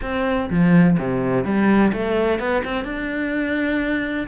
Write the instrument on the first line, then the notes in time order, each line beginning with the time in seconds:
cello
0.02 C4
0.49 F3
0.98 C3
1.44 G3
1.92 A3
2.39 B3
2.64 C4
2.84 D4